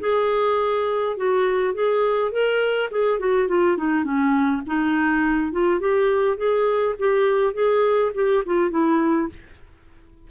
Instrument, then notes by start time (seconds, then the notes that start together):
clarinet
0.00 G#4
1.17 F#4
1.74 G#4
2.31 A#4
2.91 G#4
3.19 F#4
3.48 F4
3.77 D#4
4.04 C#4
4.67 D#4
5.52 F4
5.80 G4
6.37 G#4
6.99 G4
7.54 G#4
8.14 G4
8.45 F4
8.70 E4